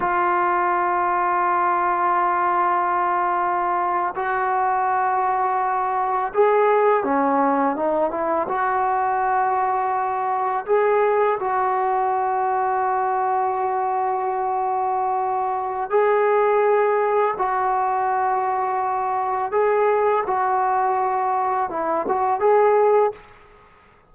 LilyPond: \new Staff \with { instrumentName = "trombone" } { \time 4/4 \tempo 4 = 83 f'1~ | f'4.~ f'16 fis'2~ fis'16~ | fis'8. gis'4 cis'4 dis'8 e'8 fis'16~ | fis'2~ fis'8. gis'4 fis'16~ |
fis'1~ | fis'2 gis'2 | fis'2. gis'4 | fis'2 e'8 fis'8 gis'4 | }